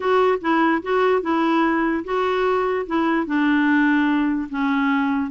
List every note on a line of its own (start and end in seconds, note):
0.00 0.39 F#4
0.41 0.81 E4
0.82 1.22 F#4
1.22 2.03 E4
2.04 2.86 F#4
2.86 3.26 E4
3.26 4.48 D4
4.49 5.30 C#4